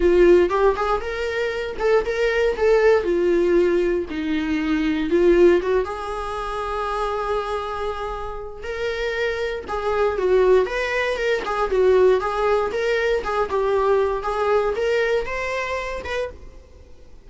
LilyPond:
\new Staff \with { instrumentName = "viola" } { \time 4/4 \tempo 4 = 118 f'4 g'8 gis'8 ais'4. a'8 | ais'4 a'4 f'2 | dis'2 f'4 fis'8 gis'8~ | gis'1~ |
gis'4 ais'2 gis'4 | fis'4 b'4 ais'8 gis'8 fis'4 | gis'4 ais'4 gis'8 g'4. | gis'4 ais'4 c''4. b'8 | }